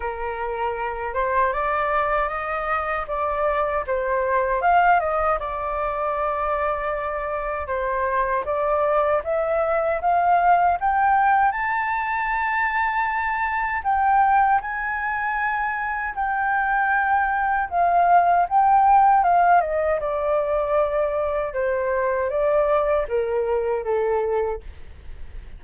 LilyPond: \new Staff \with { instrumentName = "flute" } { \time 4/4 \tempo 4 = 78 ais'4. c''8 d''4 dis''4 | d''4 c''4 f''8 dis''8 d''4~ | d''2 c''4 d''4 | e''4 f''4 g''4 a''4~ |
a''2 g''4 gis''4~ | gis''4 g''2 f''4 | g''4 f''8 dis''8 d''2 | c''4 d''4 ais'4 a'4 | }